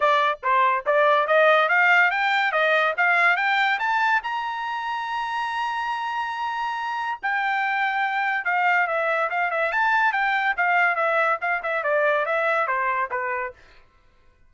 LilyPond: \new Staff \with { instrumentName = "trumpet" } { \time 4/4 \tempo 4 = 142 d''4 c''4 d''4 dis''4 | f''4 g''4 dis''4 f''4 | g''4 a''4 ais''2~ | ais''1~ |
ais''4 g''2. | f''4 e''4 f''8 e''8 a''4 | g''4 f''4 e''4 f''8 e''8 | d''4 e''4 c''4 b'4 | }